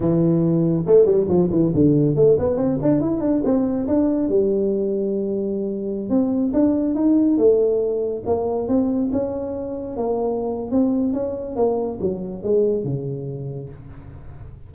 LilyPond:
\new Staff \with { instrumentName = "tuba" } { \time 4/4 \tempo 4 = 140 e2 a8 g8 f8 e8 | d4 a8 b8 c'8 d'8 e'8 d'8 | c'4 d'4 g2~ | g2~ g16 c'4 d'8.~ |
d'16 dis'4 a2 ais8.~ | ais16 c'4 cis'2 ais8.~ | ais4 c'4 cis'4 ais4 | fis4 gis4 cis2 | }